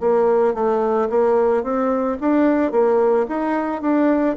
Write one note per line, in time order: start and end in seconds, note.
0.00 0.54 A#3
0.54 1.09 A3
1.09 1.63 A#3
1.63 2.18 C4
2.20 2.71 D4
2.71 3.26 A#3
3.28 3.81 D#4
3.81 4.36 D4